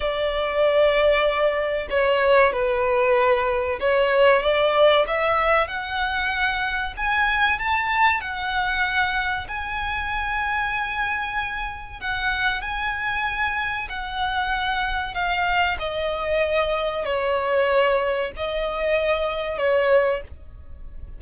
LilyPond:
\new Staff \with { instrumentName = "violin" } { \time 4/4 \tempo 4 = 95 d''2. cis''4 | b'2 cis''4 d''4 | e''4 fis''2 gis''4 | a''4 fis''2 gis''4~ |
gis''2. fis''4 | gis''2 fis''2 | f''4 dis''2 cis''4~ | cis''4 dis''2 cis''4 | }